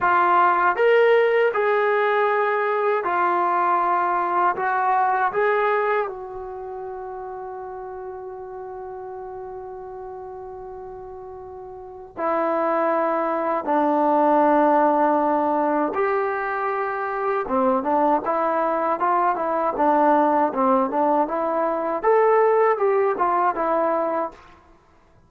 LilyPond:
\new Staff \with { instrumentName = "trombone" } { \time 4/4 \tempo 4 = 79 f'4 ais'4 gis'2 | f'2 fis'4 gis'4 | fis'1~ | fis'1 |
e'2 d'2~ | d'4 g'2 c'8 d'8 | e'4 f'8 e'8 d'4 c'8 d'8 | e'4 a'4 g'8 f'8 e'4 | }